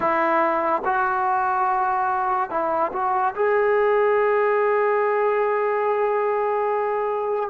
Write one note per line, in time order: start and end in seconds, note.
0.00 0.82 E4
0.84 2.50 F#4
2.50 2.91 E4
2.92 3.34 F#4
3.35 7.50 G#4